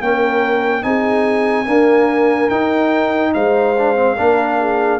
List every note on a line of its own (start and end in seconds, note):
0.00 0.83 A#3
0.00 0.82 C#4
0.00 0.85 A#4
0.00 0.83 G5
0.82 1.67 C4
0.82 1.66 D#4
0.82 1.65 G#4
0.82 2.49 G#5
1.65 2.50 A#3
1.65 2.50 D4
1.65 3.31 A#4
2.49 3.34 D#4
2.49 3.76 D#4
2.49 3.32 G5
3.34 4.18 G#3
3.34 4.16 C5
3.34 4.99 F5
3.78 3.95 D4
3.95 4.16 C4
4.16 4.99 A#3
4.16 4.99 D4
4.16 4.57 A#4
4.59 4.99 G#4